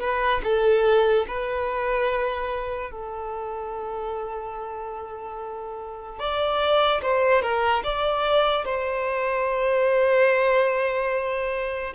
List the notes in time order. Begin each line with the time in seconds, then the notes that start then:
0.00 B4
0.44 A4
1.27 B4
2.91 A4
6.19 D5
7.02 C5
7.42 A#4
7.83 D5
8.65 C5